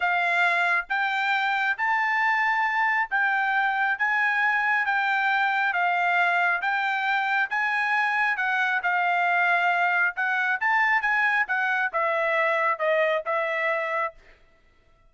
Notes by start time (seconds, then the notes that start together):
0.00 F5
0.89 G5
1.77 A5
3.10 G5
3.98 G#5
4.85 G5
5.73 F5
6.61 G5
7.50 G#5
8.37 F#5
8.82 F5
10.16 F#5
10.60 A5
11.01 G#5
11.47 F#5
11.92 E5
12.78 D#5
13.25 E5